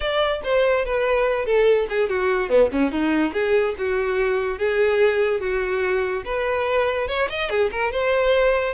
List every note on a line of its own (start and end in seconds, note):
0.00 0.41 D5
0.43 0.85 C5
0.85 1.45 B4
1.45 1.87 A4
1.89 2.09 G#4
2.09 2.49 F#4
2.49 2.70 B3
2.72 2.91 C#4
2.91 3.33 D#4
3.33 3.75 G#4
3.77 4.58 F#4
4.58 5.40 G#4
5.40 6.23 F#4
6.24 7.08 B4
7.08 7.28 C#5
7.29 7.49 D#5
7.49 7.70 G#4
7.71 7.91 A#4
7.91 8.74 C5